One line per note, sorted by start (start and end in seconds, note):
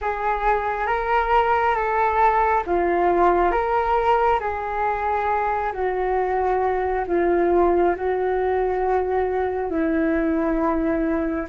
0.01 0.86 G#4
0.86 1.74 A#4
1.74 2.63 A4
2.66 3.51 F4
3.51 4.39 A#4
4.40 5.72 G#4
5.72 7.05 F#4
7.07 7.95 F4
7.96 9.70 F#4
9.70 11.46 E4